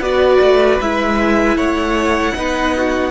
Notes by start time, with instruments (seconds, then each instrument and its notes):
0.00 cello B3, viola F#4, violin B4 D5
0.41 cello A3
0.81 cello G#3, viola E4, violin E5
1.57 cello A3, violin C#5 F#5
2.35 cello B3, viola D#4, violin B4
2.77 violin F#4